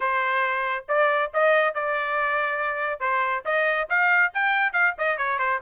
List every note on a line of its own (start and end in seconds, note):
0.00 0.85 C5
0.88 1.31 D5
1.33 1.74 D#5
1.74 3.00 D5
3.00 3.43 C5
3.45 3.88 D#5
3.89 4.32 F5
4.34 4.72 G5
4.72 4.94 F5
4.98 5.17 D#5
5.17 5.38 C#5
5.38 5.60 C5